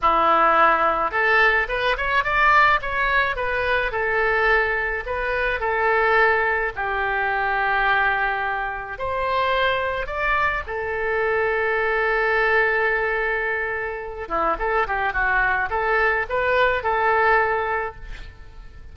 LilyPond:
\new Staff \with { instrumentName = "oboe" } { \time 4/4 \tempo 4 = 107 e'2 a'4 b'8 cis''8 | d''4 cis''4 b'4 a'4~ | a'4 b'4 a'2 | g'1 |
c''2 d''4 a'4~ | a'1~ | a'4. e'8 a'8 g'8 fis'4 | a'4 b'4 a'2 | }